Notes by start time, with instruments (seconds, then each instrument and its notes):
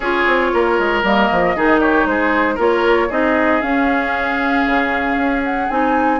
0.00 bassoon C#4, clarinet F4, oboe G#4, flute C#5
0.27 bassoon C4
0.53 bassoon A#3, oboe A#4
0.78 bassoon G#3
1.03 bassoon G3, clarinet A#3, flute D#5
1.31 bassoon F3
1.56 bassoon D#3, clarinet D#4, oboe G#4
1.80 oboe G4, flute C#5
2.05 bassoon G#3, oboe G#4, flute C5
2.55 bassoon A#3, clarinet F4, oboe A#4, flute C#5
3.09 bassoon C4, clarinet D#4, oboe G#4, flute D#5
3.61 bassoon C#4, clarinet C#4, flute F5
4.66 bassoon C#3
5.16 bassoon C#4
5.44 flute F#5
5.69 bassoon C4, clarinet D#4, flute G#5